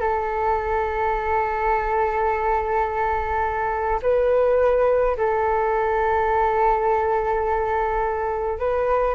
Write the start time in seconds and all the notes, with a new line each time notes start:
0.00 A4
4.02 B4
5.17 A4
8.59 B4